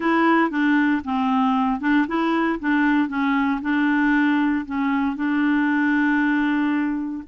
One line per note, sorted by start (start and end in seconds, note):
0.00 0.50 E4
0.50 1.02 D4
1.04 1.80 C4
1.80 2.06 D4
2.07 2.59 E4
2.59 3.08 D4
3.08 3.60 C#4
3.61 4.65 D4
4.65 5.16 C#4
5.16 7.23 D4